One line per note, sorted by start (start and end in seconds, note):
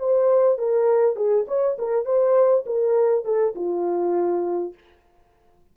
0.00 0.59 C5
0.59 1.16 A#4
1.16 1.46 G#4
1.48 1.78 C#5
1.79 2.06 A#4
2.06 2.65 C5
2.66 3.25 A#4
3.25 3.55 A4
3.56 4.74 F4